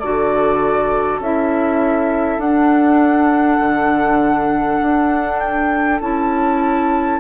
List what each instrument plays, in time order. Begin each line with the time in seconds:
0.00 bassoon D3, clarinet F#4, oboe A4, flute D5
1.20 bassoon C#4, clarinet E4, flute E5
2.39 bassoon D4, clarinet D4, flute F#5
3.60 bassoon D3
4.82 bassoon D4
5.40 flute G5
6.01 bassoon C#4, clarinet E4, flute A5